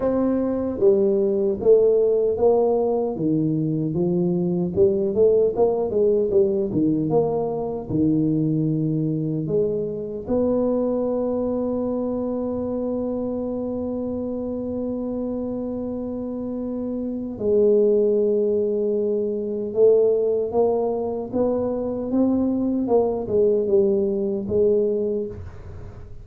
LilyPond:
\new Staff \with { instrumentName = "tuba" } { \time 4/4 \tempo 4 = 76 c'4 g4 a4 ais4 | dis4 f4 g8 a8 ais8 gis8 | g8 dis8 ais4 dis2 | gis4 b2.~ |
b1~ | b2 gis2~ | gis4 a4 ais4 b4 | c'4 ais8 gis8 g4 gis4 | }